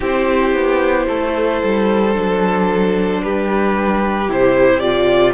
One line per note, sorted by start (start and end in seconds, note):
0.00 0.53 C4
0.00 2.12 E4
0.00 1.05 G4
0.00 3.23 C5
0.53 1.07 B3
1.07 1.62 A3
1.07 3.22 A4
1.63 2.15 G3
2.12 3.22 F#3
2.12 4.27 D4
3.22 4.28 G3
3.22 5.33 G4
3.22 4.30 B4
4.28 5.33 C3
4.28 4.81 E4
4.28 4.79 C5
4.79 5.33 F4
4.79 5.33 D5